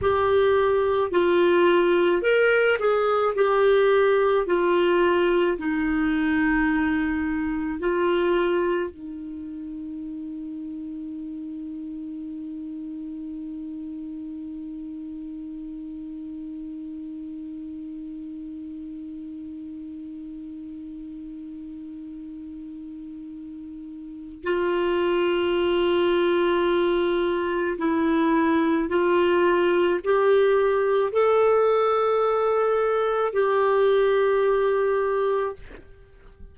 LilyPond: \new Staff \with { instrumentName = "clarinet" } { \time 4/4 \tempo 4 = 54 g'4 f'4 ais'8 gis'8 g'4 | f'4 dis'2 f'4 | dis'1~ | dis'1~ |
dis'1~ | dis'2 f'2~ | f'4 e'4 f'4 g'4 | a'2 g'2 | }